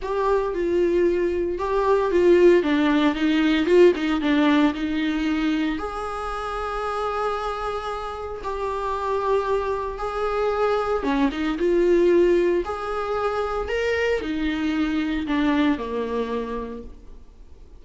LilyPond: \new Staff \with { instrumentName = "viola" } { \time 4/4 \tempo 4 = 114 g'4 f'2 g'4 | f'4 d'4 dis'4 f'8 dis'8 | d'4 dis'2 gis'4~ | gis'1 |
g'2. gis'4~ | gis'4 cis'8 dis'8 f'2 | gis'2 ais'4 dis'4~ | dis'4 d'4 ais2 | }